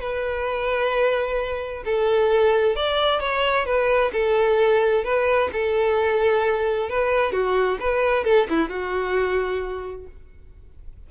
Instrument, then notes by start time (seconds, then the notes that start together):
violin
0.00 B4
1.85 A4
2.76 D5
3.20 C#5
3.65 B4
4.12 A4
5.04 B4
5.52 A4
6.89 B4
7.32 F#4
7.79 B4
8.24 A4
8.49 E4
8.69 F#4